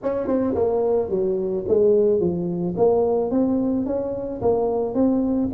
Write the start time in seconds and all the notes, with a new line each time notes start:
0.02 C#4
0.27 C4
0.55 A#3
1.09 F#3
1.68 G#3
2.19 F3
2.76 A#3
3.31 C4
3.86 C#4
4.41 A#3
4.94 C4